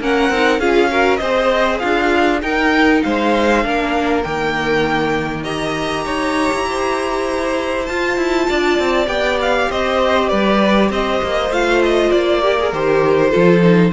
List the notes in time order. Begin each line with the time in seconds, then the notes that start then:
0.00 A#3 C#4 A#4 F#5
0.29 C4 D#4
0.59 C#4 F4 G#4 F5
0.90 F#4 A#4
1.17 C4 G#4 C5 D#5
1.79 D4 F4 F5
2.42 D#4 A#4 G5
3.03 G#3 C5 F5
3.63 A#3 D4 A#4
4.23 D#3 A#3 G5
5.43 G4 D#5 A#5
6.05 D#4 C#5
6.54 E4
6.70 C5
7.86 F4 A5
8.17 E4
8.49 D4 D5
8.79 C4
9.06 B3 G4 G5
9.41 F5
9.70 C4 C5 D#5
10.29 G3 B4 D5
10.90 C4 C5 D#5
11.23 A#3
11.50 A3 F4 F5
11.83 D#5
12.11 A#3 D5
12.42 G4 A#4
12.59 G#4
12.73 D#3 G4 C5
13.30 F3 F4 A4
13.62 D#4